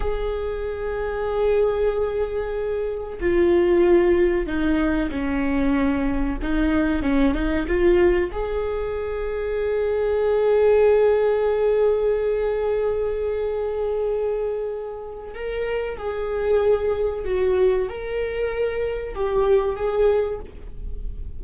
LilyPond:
\new Staff \with { instrumentName = "viola" } { \time 4/4 \tempo 4 = 94 gis'1~ | gis'4 f'2 dis'4 | cis'2 dis'4 cis'8 dis'8 | f'4 gis'2.~ |
gis'1~ | gis'1 | ais'4 gis'2 fis'4 | ais'2 g'4 gis'4 | }